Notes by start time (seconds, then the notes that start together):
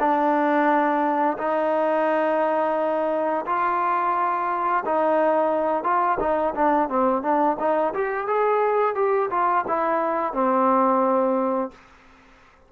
0.00 D4
1.39 D#4
3.47 F4
4.86 D#4
5.84 F4
6.20 D#4
6.55 D4
6.89 C4
7.23 D4
7.60 D#4
7.94 G4
8.28 G#4
8.96 G4
9.31 F4
9.68 E4
10.34 C4